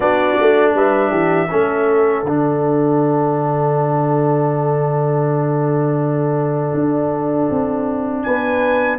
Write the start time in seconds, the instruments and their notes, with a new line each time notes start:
0.00 tuba B3, trombone D4, horn F#4, trumpet D5
0.40 tuba A3
0.74 tuba G3, horn B4, trumpet E5
1.10 tuba E3, horn G4
1.50 tuba A3, trombone C#4, horn A4
2.23 tuba D3, trombone D4, trumpet F#5
6.73 tuba D4
7.50 tuba C4
8.22 tuba B3, horn B4, trumpet G#5